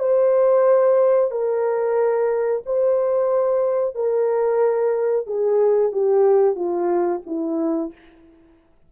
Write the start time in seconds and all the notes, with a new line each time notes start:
0.00 C5
1.31 A#4
2.66 C5
3.96 A#4
5.27 G#4
5.93 G4
6.56 F4
7.27 E4